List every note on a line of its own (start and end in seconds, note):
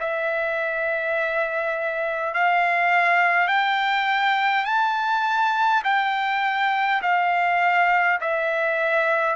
0.00 2.34 E5
2.34 3.48 F5
3.48 4.65 G5
4.65 5.82 A5
5.84 7.02 G5
7.02 8.20 F5
8.21 9.36 E5